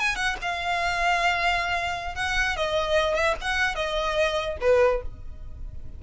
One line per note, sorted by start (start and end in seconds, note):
0.00 0.16 G#5
0.16 0.36 F#5
0.42 2.15 F5
2.15 2.56 F#5
2.57 3.15 D#5
3.15 3.35 E5
3.41 3.75 F#5
3.75 4.58 D#5
4.61 5.02 B4